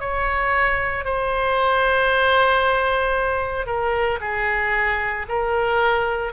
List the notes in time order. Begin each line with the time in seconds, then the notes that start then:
0.00 C#5
1.05 C5
3.67 A#4
4.21 G#4
5.29 A#4